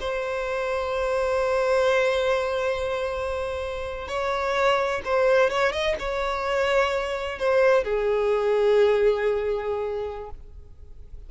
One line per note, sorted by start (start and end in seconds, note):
0.00 4.08 C5
4.08 5.01 C#5
5.04 5.50 C5
5.50 5.72 C#5
5.72 5.96 D#5
5.99 7.39 C#5
7.39 7.84 C5
7.84 10.30 G#4